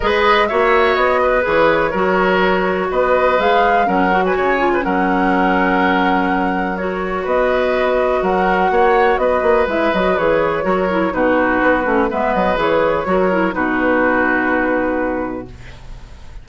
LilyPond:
<<
  \new Staff \with { instrumentName = "flute" } { \time 4/4 \tempo 4 = 124 dis''4 e''4 dis''4 cis''4~ | cis''2 dis''4 f''4 | fis''8. gis''4~ gis''16 fis''2~ | fis''2 cis''4 dis''4~ |
dis''4 fis''2 dis''4 | e''8 dis''8 cis''2 b'4~ | b'4 e''8 dis''8 cis''2 | b'1 | }
  \new Staff \with { instrumentName = "oboe" } { \time 4/4 b'4 cis''4. b'4. | ais'2 b'2 | ais'8. b'16 cis''8. b'16 ais'2~ | ais'2. b'4~ |
b'4 ais'4 cis''4 b'4~ | b'2 ais'4 fis'4~ | fis'4 b'2 ais'4 | fis'1 | }
  \new Staff \with { instrumentName = "clarinet" } { \time 4/4 gis'4 fis'2 gis'4 | fis'2. gis'4 | cis'8 fis'4 f'8 cis'2~ | cis'2 fis'2~ |
fis'1 | e'8 fis'8 gis'4 fis'8 e'8 dis'4~ | dis'8 cis'8 b4 gis'4 fis'8 e'8 | dis'1 | }
  \new Staff \with { instrumentName = "bassoon" } { \time 4/4 gis4 ais4 b4 e4 | fis2 b4 gis4 | fis4 cis4 fis2~ | fis2. b4~ |
b4 fis4 ais4 b8 ais8 | gis8 fis8 e4 fis4 b,4 | b8 a8 gis8 fis8 e4 fis4 | b,1 | }
>>